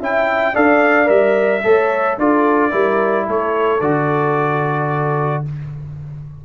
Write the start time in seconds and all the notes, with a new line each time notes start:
0.00 C#4 E4 E5 G5
0.54 D4 A4 D5 F5
1.05 G3 A#4 E5
1.63 A3 A4 C#5
2.18 D4 F4 A4 D5
2.71 G3 E4 A#4
3.25 A3 A4 C#5
3.80 D3 F#4 D5